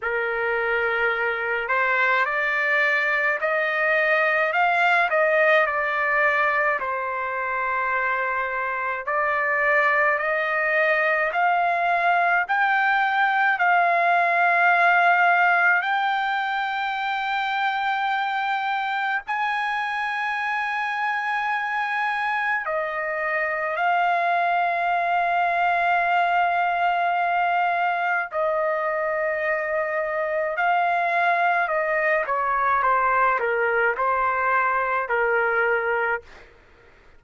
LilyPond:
\new Staff \with { instrumentName = "trumpet" } { \time 4/4 \tempo 4 = 53 ais'4. c''8 d''4 dis''4 | f''8 dis''8 d''4 c''2 | d''4 dis''4 f''4 g''4 | f''2 g''2~ |
g''4 gis''2. | dis''4 f''2.~ | f''4 dis''2 f''4 | dis''8 cis''8 c''8 ais'8 c''4 ais'4 | }